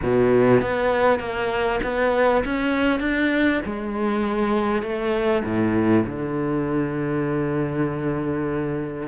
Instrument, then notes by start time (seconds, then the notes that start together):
cello
0.02 B2
0.61 B3
1.19 A#3
1.83 B3
2.45 C#4
3.00 D4
3.65 G#3
4.82 A3
5.44 A2
6.06 D3